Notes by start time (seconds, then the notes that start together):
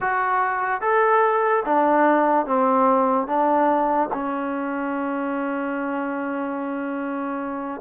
0.00 F#4
0.81 A4
1.65 D4
2.46 C4
3.27 D4
4.13 C#4